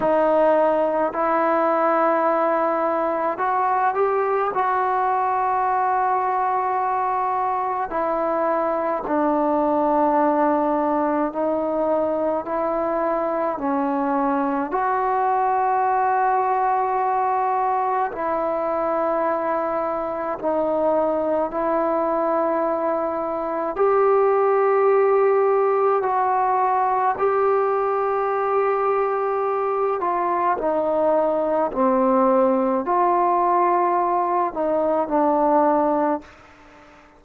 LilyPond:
\new Staff \with { instrumentName = "trombone" } { \time 4/4 \tempo 4 = 53 dis'4 e'2 fis'8 g'8 | fis'2. e'4 | d'2 dis'4 e'4 | cis'4 fis'2. |
e'2 dis'4 e'4~ | e'4 g'2 fis'4 | g'2~ g'8 f'8 dis'4 | c'4 f'4. dis'8 d'4 | }